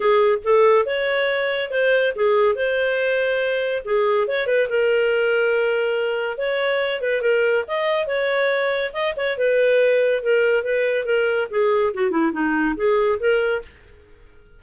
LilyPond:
\new Staff \with { instrumentName = "clarinet" } { \time 4/4 \tempo 4 = 141 gis'4 a'4 cis''2 | c''4 gis'4 c''2~ | c''4 gis'4 cis''8 b'8 ais'4~ | ais'2. cis''4~ |
cis''8 b'8 ais'4 dis''4 cis''4~ | cis''4 dis''8 cis''8 b'2 | ais'4 b'4 ais'4 gis'4 | fis'8 e'8 dis'4 gis'4 ais'4 | }